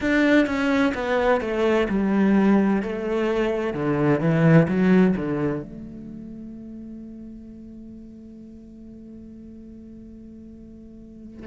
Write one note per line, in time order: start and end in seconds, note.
0.00 0.46 D4
0.46 0.93 C#4
0.94 1.40 B3
1.40 1.87 A3
1.88 2.82 G3
2.82 3.73 A3
3.73 4.20 D3
4.20 4.67 E3
4.67 5.14 F#3
5.16 5.62 D3
5.62 11.46 A3